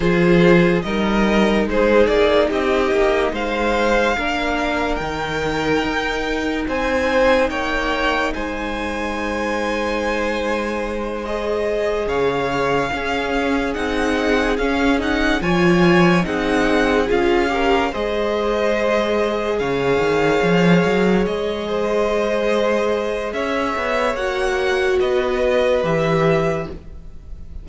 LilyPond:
<<
  \new Staff \with { instrumentName = "violin" } { \time 4/4 \tempo 4 = 72 c''4 dis''4 c''8 d''8 dis''4 | f''2 g''2 | gis''4 g''4 gis''2~ | gis''4. dis''4 f''4.~ |
f''8 fis''4 f''8 fis''8 gis''4 fis''8~ | fis''8 f''4 dis''2 f''8~ | f''4. dis''2~ dis''8 | e''4 fis''4 dis''4 e''4 | }
  \new Staff \with { instrumentName = "violin" } { \time 4/4 gis'4 ais'4 gis'4 g'4 | c''4 ais'2. | c''4 cis''4 c''2~ | c''2~ c''8 cis''4 gis'8~ |
gis'2~ gis'8 cis''4 gis'8~ | gis'4 ais'8 c''2 cis''8~ | cis''2 c''2 | cis''2 b'2 | }
  \new Staff \with { instrumentName = "viola" } { \time 4/4 f'4 dis'2.~ | dis'4 d'4 dis'2~ | dis'1~ | dis'4. gis'2 cis'8~ |
cis'8 dis'4 cis'8 dis'8 f'4 dis'8~ | dis'8 f'8 g'8 gis'2~ gis'8~ | gis'1~ | gis'4 fis'2 g'4 | }
  \new Staff \with { instrumentName = "cello" } { \time 4/4 f4 g4 gis8 ais8 c'8 ais8 | gis4 ais4 dis4 dis'4 | c'4 ais4 gis2~ | gis2~ gis8 cis4 cis'8~ |
cis'8 c'4 cis'4 f4 c'8~ | c'8 cis'4 gis2 cis8 | dis8 f8 fis8 gis2~ gis8 | cis'8 b8 ais4 b4 e4 | }
>>